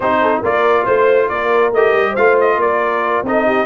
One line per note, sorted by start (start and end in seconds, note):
0.00 0.42 C4
0.00 0.43 D#4
0.00 0.18 G4
0.00 0.43 C5
0.21 0.41 A4
0.41 0.86 A#3
0.41 1.73 F4
0.41 0.84 A#4
0.41 0.85 D5
0.85 1.29 A3
0.85 1.28 C5
1.28 1.71 A#3
1.28 2.11 A#4
1.28 1.71 D5
1.71 1.93 A3
1.71 2.17 G4
1.71 2.15 D#5
1.93 2.15 G3
2.11 2.56 A3
2.11 3.25 F4
2.11 2.54 C5
2.11 2.37 F5
2.40 2.60 D#5
2.56 3.21 A#3
2.56 3.27 A#4
2.56 3.25 D5
3.22 3.65 C4
3.22 3.65 D#4
3.22 3.45 A4
3.22 3.65 D#5
3.45 3.65 G4